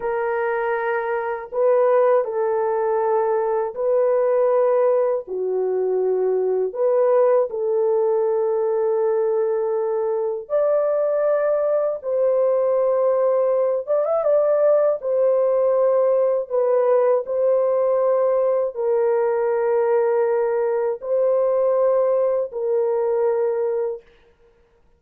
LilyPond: \new Staff \with { instrumentName = "horn" } { \time 4/4 \tempo 4 = 80 ais'2 b'4 a'4~ | a'4 b'2 fis'4~ | fis'4 b'4 a'2~ | a'2 d''2 |
c''2~ c''8 d''16 e''16 d''4 | c''2 b'4 c''4~ | c''4 ais'2. | c''2 ais'2 | }